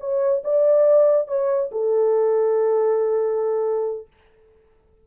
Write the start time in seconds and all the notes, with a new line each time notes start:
0.00 C#5
0.44 D5
1.28 C#5
1.72 A4